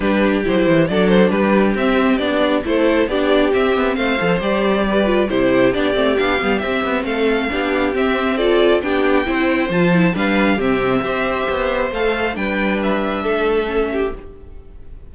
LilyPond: <<
  \new Staff \with { instrumentName = "violin" } { \time 4/4 \tempo 4 = 136 b'4 c''4 d''8 c''8 b'4 | e''4 d''4 c''4 d''4 | e''4 f''4 d''2 | c''4 d''4 f''4 e''4 |
f''2 e''4 d''4 | g''2 a''4 f''4 | e''2. f''4 | g''4 e''2. | }
  \new Staff \with { instrumentName = "violin" } { \time 4/4 g'2 a'4 g'4~ | g'2 a'4 g'4~ | g'4 c''2 b'4 | g'1 |
a'4 g'2 a'4 | g'4 c''2 b'4 | g'4 c''2. | b'2 a'4. g'8 | }
  \new Staff \with { instrumentName = "viola" } { \time 4/4 d'4 e'4 d'2 | c'4 d'4 e'4 d'4 | c'4. a'8 g'4. f'8 | e'4 d'8 c'8 d'8 b8 c'4~ |
c'4 d'4 c'4 f'4 | d'4 e'4 f'8 e'8 d'4 | c'4 g'2 a'4 | d'2. cis'4 | }
  \new Staff \with { instrumentName = "cello" } { \time 4/4 g4 fis8 e8 fis4 g4 | c'4 b4 a4 b4 | c'8 b8 a8 f8 g2 | c4 b8 a8 b8 g8 c'8 b8 |
a4 b4 c'2 | b4 c'4 f4 g4 | c4 c'4 b4 a4 | g2 a2 | }
>>